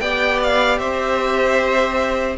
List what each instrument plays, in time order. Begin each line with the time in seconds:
0.00 cello B3, viola G4, violin D5 G5
0.43 violin F5
0.79 cello C4, violin C5 E5